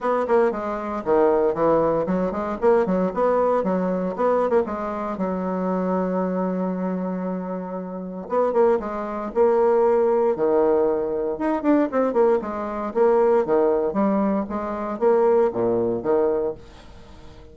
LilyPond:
\new Staff \with { instrumentName = "bassoon" } { \time 4/4 \tempo 4 = 116 b8 ais8 gis4 dis4 e4 | fis8 gis8 ais8 fis8 b4 fis4 | b8. ais16 gis4 fis2~ | fis1 |
b8 ais8 gis4 ais2 | dis2 dis'8 d'8 c'8 ais8 | gis4 ais4 dis4 g4 | gis4 ais4 ais,4 dis4 | }